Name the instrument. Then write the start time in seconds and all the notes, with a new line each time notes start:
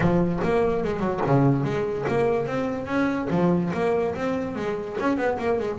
double bass
0.00 F3
0.43 A#3
0.84 G#3
0.99 F#3
1.26 C#3
1.64 G#3
2.08 A#3
2.46 C4
2.86 C#4
3.30 F3
3.73 A#3
4.15 C4
4.55 G#3
5.00 C#4
5.17 B3
5.38 A#3
5.59 G#3